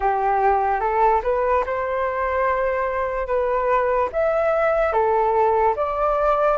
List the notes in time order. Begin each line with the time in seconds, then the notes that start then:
0.00 G4
0.80 A4
1.23 B4
1.66 C5
3.27 B4
4.12 E5
4.92 A4
5.75 D5